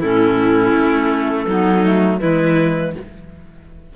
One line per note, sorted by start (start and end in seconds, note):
0.00 0.73 A2
0.00 1.49 C#4
0.00 1.46 E4
0.00 2.20 A4
0.73 1.46 A3
1.47 2.20 F#3
1.47 1.84 B3
1.47 2.20 D#4
1.84 2.19 A3
2.19 2.96 E3
2.19 2.92 G#3
2.19 2.94 E4
2.19 2.93 B4